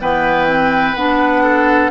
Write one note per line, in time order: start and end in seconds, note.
0.00 0.95 E3
0.00 0.47 B3
0.00 1.43 B4
0.00 0.95 G5
0.47 0.95 C4
0.95 1.90 B3
0.95 1.90 D4
0.95 1.90 F#5
1.43 1.90 A4